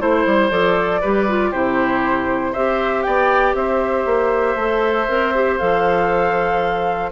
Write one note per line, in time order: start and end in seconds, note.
0.00 0.26 A3
0.00 0.50 E4
0.00 0.51 C5
0.00 1.01 C5
0.26 0.50 G3
0.50 1.01 F3
0.50 1.01 A4
0.50 1.51 D5
1.01 1.53 G3
1.01 1.28 G4
1.01 1.50 B4
1.28 1.53 F4
1.50 2.55 C3
1.50 2.54 E4
1.50 2.52 G4
1.50 2.53 C5
2.52 3.06 C4
2.52 4.58 G4
2.52 3.03 C5
2.52 3.02 E5
3.02 3.54 B3
3.02 3.56 D5
3.02 3.53 G5
3.54 4.05 C4
3.54 7.11 C5
3.54 5.58 E5
4.05 4.55 A#3
4.55 5.06 A3
4.55 5.08 A4
5.08 5.60 C4
5.08 5.33 A#4
5.34 5.59 G4
5.58 7.11 F3
5.58 7.11 A4
5.58 7.10 F5